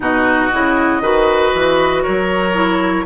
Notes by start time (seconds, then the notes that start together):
0.00 B2 D#4 F#4 D#5
0.52 C#3 E4
1.00 D#3 F#4 B4
1.53 E3
2.02 F#3 A#4 C#5
2.54 E4